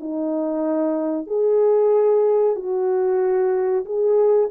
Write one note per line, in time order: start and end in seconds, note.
0.00 1.27 D#4
1.27 2.55 G#4
2.55 3.84 F#4
3.85 4.50 G#4